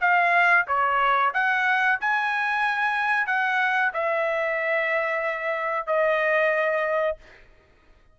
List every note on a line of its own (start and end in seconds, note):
0.00 0.65 F5
0.67 1.32 C#5
1.33 1.99 F#5
2.00 3.26 G#5
3.26 3.92 F#5
3.93 5.86 E5
5.86 7.17 D#5